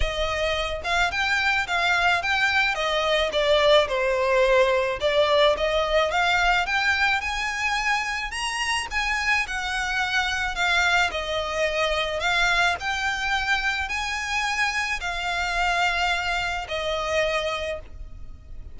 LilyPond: \new Staff \with { instrumentName = "violin" } { \time 4/4 \tempo 4 = 108 dis''4. f''8 g''4 f''4 | g''4 dis''4 d''4 c''4~ | c''4 d''4 dis''4 f''4 | g''4 gis''2 ais''4 |
gis''4 fis''2 f''4 | dis''2 f''4 g''4~ | g''4 gis''2 f''4~ | f''2 dis''2 | }